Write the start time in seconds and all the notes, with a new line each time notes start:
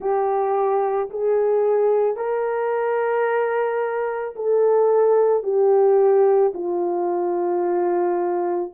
0.00 G4
1.10 G#4
2.16 A#4
4.35 A4
5.43 G4
6.54 F4